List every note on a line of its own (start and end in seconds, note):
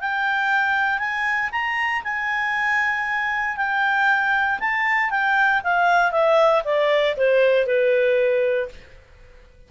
0.00 0.99 G5
0.99 1.50 G#5
1.51 2.03 A#5
2.03 3.57 G#5
3.57 4.59 G5
4.59 5.10 A5
5.10 5.62 G5
5.63 6.11 F5
6.11 6.63 E5
6.64 7.16 D5
7.17 7.66 C5
7.66 8.69 B4